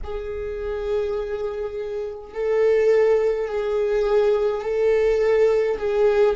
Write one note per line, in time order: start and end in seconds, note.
0.03 2.33 G#4
2.33 3.48 A4
3.48 4.62 G#4
4.62 5.77 A4
5.77 6.35 G#4